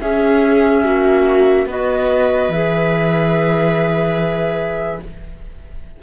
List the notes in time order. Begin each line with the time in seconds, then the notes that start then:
0.00 C#4 G#4 E5
0.84 A#3 F#4
1.66 B3 F#4 B4 D#5
2.49 E3 G#4 E5